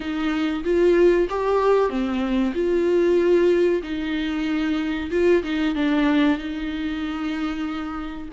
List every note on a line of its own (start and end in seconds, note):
0.00 0.63 D#4
0.64 1.27 F4
1.29 1.89 G4
1.89 2.53 C4
2.54 3.82 F4
3.82 5.10 D#4
5.10 5.42 F4
5.43 5.75 D#4
5.75 6.37 D4
6.37 8.29 D#4